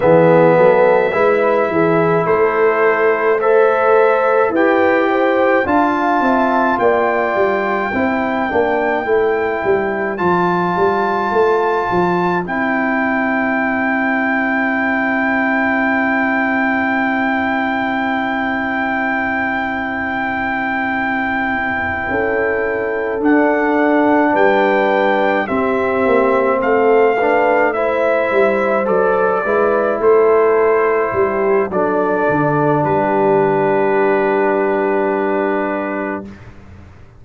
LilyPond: <<
  \new Staff \with { instrumentName = "trumpet" } { \time 4/4 \tempo 4 = 53 e''2 c''4 e''4 | g''4 a''4 g''2~ | g''4 a''2 g''4~ | g''1~ |
g''1~ | g''8 fis''4 g''4 e''4 f''8~ | f''8 e''4 d''4 c''4. | d''4 b'2. | }
  \new Staff \with { instrumentName = "horn" } { \time 4/4 gis'8 a'8 b'8 gis'8 a'4 c''4 | b'8 c''8 f''8 e''8 d''4 c''4~ | c''1~ | c''1~ |
c''2.~ c''8 a'8~ | a'4. b'4 g'4 a'8 | b'8 c''4. b'8 a'4 g'8 | a'4 g'2. | }
  \new Staff \with { instrumentName = "trombone" } { \time 4/4 b4 e'2 a'4 | g'4 f'2 e'8 d'8 | e'4 f'2 e'4~ | e'1~ |
e'1~ | e'8 d'2 c'4. | d'8 e'4 a'8 e'2 | d'1 | }
  \new Staff \with { instrumentName = "tuba" } { \time 4/4 e8 fis8 gis8 e8 a2 | e'4 d'8 c'8 ais8 g8 c'8 ais8 | a8 g8 f8 g8 a8 f8 c'4~ | c'1~ |
c'2.~ c'8 cis'8~ | cis'8 d'4 g4 c'8 ais8 a8~ | a4 g8 fis8 gis8 a4 g8 | fis8 d8 g2. | }
>>